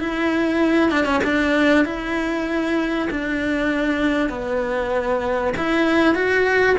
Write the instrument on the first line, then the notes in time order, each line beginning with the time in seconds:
cello
0.00 E4
0.91 D4
1.05 C#4
1.24 D4
1.85 E4
3.11 D4
4.30 B3
5.58 E4
6.15 F#4